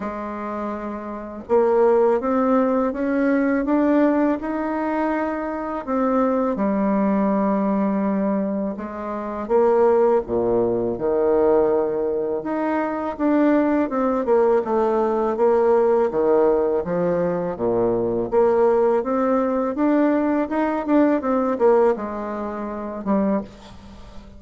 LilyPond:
\new Staff \with { instrumentName = "bassoon" } { \time 4/4 \tempo 4 = 82 gis2 ais4 c'4 | cis'4 d'4 dis'2 | c'4 g2. | gis4 ais4 ais,4 dis4~ |
dis4 dis'4 d'4 c'8 ais8 | a4 ais4 dis4 f4 | ais,4 ais4 c'4 d'4 | dis'8 d'8 c'8 ais8 gis4. g8 | }